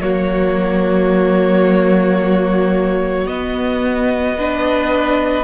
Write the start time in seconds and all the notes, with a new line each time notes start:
0.00 F#3 A#3 F#4 C#5
3.26 B3 D#5
4.37 D4 B4